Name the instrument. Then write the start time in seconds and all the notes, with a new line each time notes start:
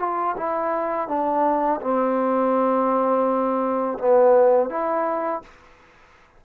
trombone
0.00 F4
0.37 E4
1.08 D4
1.82 C4
3.99 B3
4.70 E4